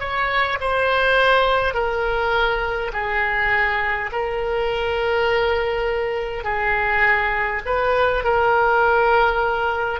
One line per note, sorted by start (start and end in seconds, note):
0.00 0.59 C#5
0.61 1.74 C5
1.74 2.92 A#4
2.93 4.11 G#4
4.12 6.44 A#4
6.44 7.61 G#4
7.66 8.24 B4
8.24 10.00 A#4